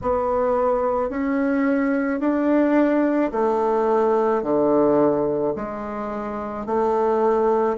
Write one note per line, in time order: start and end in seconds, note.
0.01 1.09 B3
1.09 2.20 C#4
2.20 3.31 D4
3.31 4.42 A3
4.42 5.54 D3
5.56 6.66 G#3
6.66 7.77 A3